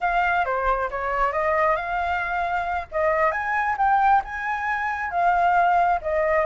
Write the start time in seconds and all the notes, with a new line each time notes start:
0.00 F5
0.45 C5
0.90 C#5
1.32 D#5
1.76 F5
2.91 D#5
3.31 G#5
3.77 G5
4.24 G#5
5.10 F5
6.01 D#5